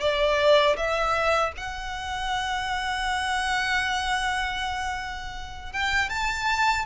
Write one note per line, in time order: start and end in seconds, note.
0.00 0.76 D5
0.76 1.52 E5
1.57 5.72 F#5
5.72 6.09 G5
6.09 6.85 A5